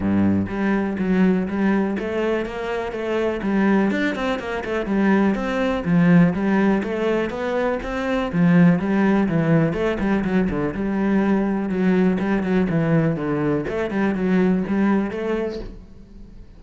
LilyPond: \new Staff \with { instrumentName = "cello" } { \time 4/4 \tempo 4 = 123 g,4 g4 fis4 g4 | a4 ais4 a4 g4 | d'8 c'8 ais8 a8 g4 c'4 | f4 g4 a4 b4 |
c'4 f4 g4 e4 | a8 g8 fis8 d8 g2 | fis4 g8 fis8 e4 d4 | a8 g8 fis4 g4 a4 | }